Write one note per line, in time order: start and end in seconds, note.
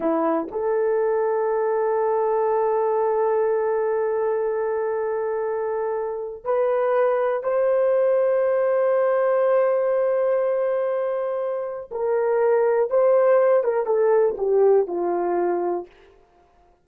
0.00 0.48 E4
0.51 6.44 A4
6.44 7.43 B4
7.43 11.89 C5
11.91 12.89 A#4
12.89 13.63 C5
13.63 13.86 A#4
13.86 14.35 A4
14.37 14.87 G4
14.87 15.86 F4